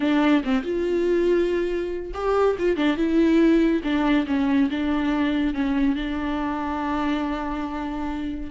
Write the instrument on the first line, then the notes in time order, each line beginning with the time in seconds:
viola
0.00 D4
0.44 C4
0.63 F4
2.14 G4
2.58 F4
2.76 D4
2.96 E4
3.83 D4
4.26 C#4
4.70 D4
5.54 C#4
5.95 D4